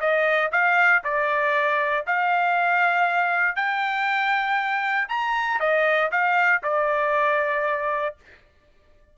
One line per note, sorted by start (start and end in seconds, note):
0.00 0.51 D#5
0.52 1.02 F5
1.03 2.05 D5
2.06 3.55 F5
3.55 5.08 G5
5.08 5.59 A#5
5.59 6.10 D#5
6.11 6.62 F5
6.63 8.15 D5